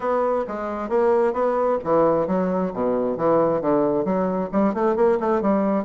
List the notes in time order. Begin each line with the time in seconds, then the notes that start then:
0.00 B3
0.47 G#3
0.89 A#3
1.33 B3
1.84 E3
2.27 F#3
2.73 B2
3.17 E3
3.61 D3
4.04 F#3
4.52 G3
4.73 A3
4.96 A#3
5.20 A3
5.41 G3